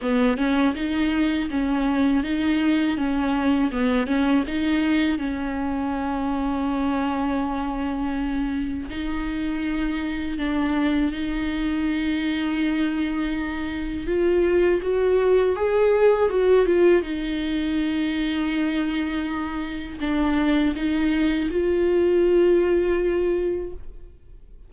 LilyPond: \new Staff \with { instrumentName = "viola" } { \time 4/4 \tempo 4 = 81 b8 cis'8 dis'4 cis'4 dis'4 | cis'4 b8 cis'8 dis'4 cis'4~ | cis'1 | dis'2 d'4 dis'4~ |
dis'2. f'4 | fis'4 gis'4 fis'8 f'8 dis'4~ | dis'2. d'4 | dis'4 f'2. | }